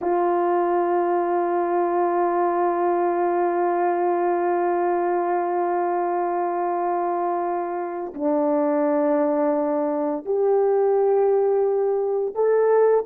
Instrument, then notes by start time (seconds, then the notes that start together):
horn
0.01 F4
8.14 D4
10.25 G4
12.34 A4